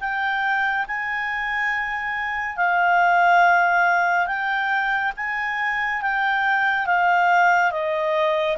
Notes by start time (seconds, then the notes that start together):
0.00 G5
0.88 G#5
2.57 F5
4.27 G5
5.17 G#5
6.02 G5
6.86 F5
7.71 D#5